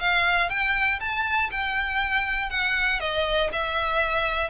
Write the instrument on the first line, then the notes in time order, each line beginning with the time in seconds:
violin
0.00 F5
0.50 G5
1.00 A5
1.51 G5
2.50 F#5
3.00 D#5
3.52 E5